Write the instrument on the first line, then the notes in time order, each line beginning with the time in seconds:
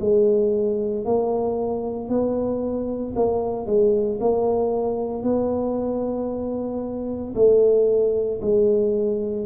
tuba
0.00 G#3
1.05 A#3
2.09 B3
3.16 A#3
3.66 G#3
4.20 A#3
5.23 B3
7.35 A3
8.41 G#3